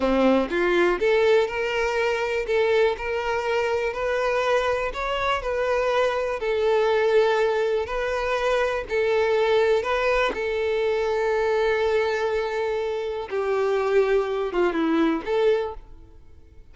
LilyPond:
\new Staff \with { instrumentName = "violin" } { \time 4/4 \tempo 4 = 122 c'4 f'4 a'4 ais'4~ | ais'4 a'4 ais'2 | b'2 cis''4 b'4~ | b'4 a'2. |
b'2 a'2 | b'4 a'2.~ | a'2. g'4~ | g'4. f'8 e'4 a'4 | }